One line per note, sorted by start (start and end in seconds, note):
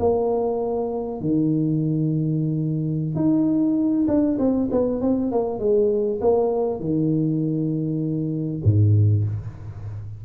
0.00 1.21 A#3
1.21 3.15 D#3
3.15 4.06 D#4
4.08 4.39 D4
4.39 4.69 C4
4.71 5.02 B3
5.02 5.32 C4
5.32 5.60 A#3
5.60 6.20 G#3
6.21 6.80 A#3
6.80 8.62 D#3
8.64 9.25 G#2